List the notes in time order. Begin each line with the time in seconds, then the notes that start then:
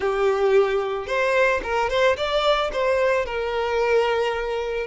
0.00 G4
1.06 C5
1.63 A#4
1.89 C5
2.16 D5
2.72 C5
3.25 A#4